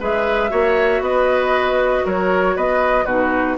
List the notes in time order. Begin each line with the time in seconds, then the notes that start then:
0.00 G#3 G#4 B4 E5
0.49 A#3 F#4 C#5
1.01 B3 B4 D#5
2.05 F#3 A#4 C#5
2.56 B3 B4 D#5
3.05 B2 D#4 F#4 B4